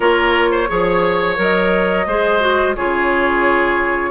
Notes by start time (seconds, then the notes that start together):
0.00 A#3 F4 A#4 C#5
0.51 C5
0.67 F3 G#4 C#5
1.36 F#3 A#4 D#5
2.06 G#3 G#4 C5
2.40 F#4
2.75 C#3 F4 G#4 C#5